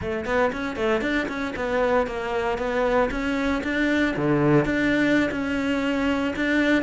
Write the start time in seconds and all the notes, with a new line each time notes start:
0.01 A3
0.25 B3
0.52 C#4
0.75 A3
1.01 D4
1.28 C#4
1.56 B3
2.06 A#3
2.57 B3
3.10 C#4
3.63 D4
4.16 D3
4.65 D4
5.31 C#4
6.36 D4